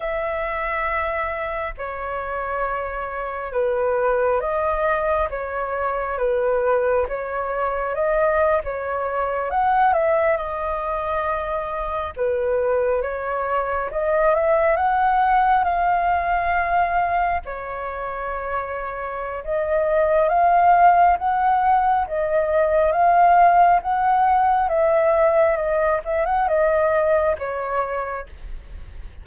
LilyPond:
\new Staff \with { instrumentName = "flute" } { \time 4/4 \tempo 4 = 68 e''2 cis''2 | b'4 dis''4 cis''4 b'4 | cis''4 dis''8. cis''4 fis''8 e''8 dis''16~ | dis''4.~ dis''16 b'4 cis''4 dis''16~ |
dis''16 e''8 fis''4 f''2 cis''16~ | cis''2 dis''4 f''4 | fis''4 dis''4 f''4 fis''4 | e''4 dis''8 e''16 fis''16 dis''4 cis''4 | }